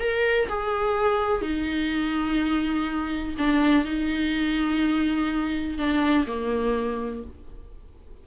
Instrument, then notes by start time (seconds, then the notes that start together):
viola
0.00 A#4
0.49 G#4
1.42 D#4
3.38 D4
3.85 D#4
5.78 D4
6.27 A#3